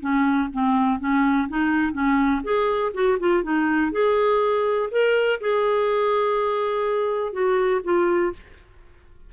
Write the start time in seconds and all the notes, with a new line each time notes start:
0.00 C#4
0.52 C4
0.99 C#4
1.48 D#4
1.92 C#4
2.43 G#4
2.93 F#4
3.19 F4
3.43 D#4
3.91 G#4
4.90 A#4
5.40 G#4
7.32 F#4
7.83 F4